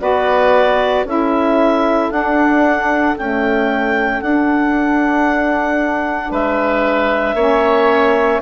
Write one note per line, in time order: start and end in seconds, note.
0.00 1.04 B3
0.00 1.05 F#4
0.00 1.06 B4
0.00 1.06 D5
1.04 2.09 C#4
1.04 2.11 E4
1.04 6.31 A4
1.04 2.11 E5
2.11 3.16 D4
2.11 3.16 F#5
3.17 4.20 A3
3.17 4.22 C#4
3.17 4.21 G5
4.20 7.36 D4
4.20 6.30 D4
4.20 6.32 F#5
6.30 7.34 G#3
6.30 7.35 B4
6.30 8.42 E5
7.34 8.39 A#3
7.34 8.42 C#4
7.34 8.40 C#5